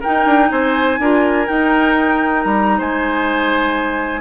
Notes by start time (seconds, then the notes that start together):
0.00 D#4 A#4 G5
0.07 D#4
0.25 D4
0.51 C4 C5 G#5
0.99 D4 F4 A#4
1.47 D#4 G5
2.43 G3 A#5
2.77 G#3 C5 G#5